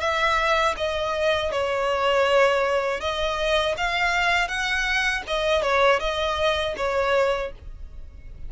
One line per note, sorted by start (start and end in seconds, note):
0.00 0.75 E5
0.77 1.51 D#5
1.51 3.00 C#5
3.00 3.75 D#5
3.77 4.48 F5
4.48 5.23 F#5
5.27 5.62 D#5
5.62 5.99 C#5
6.00 6.75 D#5
6.77 7.52 C#5